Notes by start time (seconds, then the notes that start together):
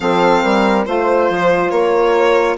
0.00 F3 C4 A4 F5
0.43 G3 A#4
0.85 A3 F4 C5
1.29 F3
1.70 A#3 A#4 C#5